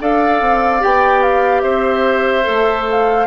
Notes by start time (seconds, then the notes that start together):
0.00 D4 A4 D5 F5
0.41 C4
0.79 B3 G4 G5
1.22 F5
1.60 C4 C5 E5
2.43 A3 A4
2.90 F5